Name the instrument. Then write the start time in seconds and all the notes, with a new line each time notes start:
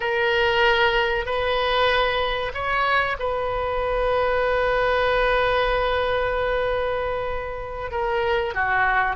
oboe
0.00 A#4
1.25 B4
2.53 C#5
3.19 B4
7.91 A#4
8.54 F#4